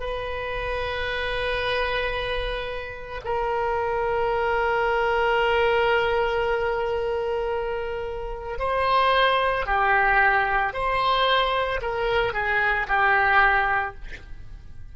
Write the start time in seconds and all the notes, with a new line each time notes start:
0.00 B4
3.24 A#4
8.59 C5
9.67 G4
10.73 C5
11.82 A#4
12.34 G#4
12.88 G4